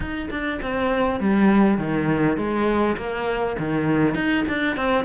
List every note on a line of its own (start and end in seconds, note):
0.00 0.29 D#4
0.30 0.59 D4
0.62 1.20 C4
1.20 1.78 G3
1.78 2.37 D#3
2.37 2.96 G#3
2.96 3.56 A#3
3.58 4.14 D#3
4.14 4.44 D#4
4.48 4.76 D4
4.76 5.04 C4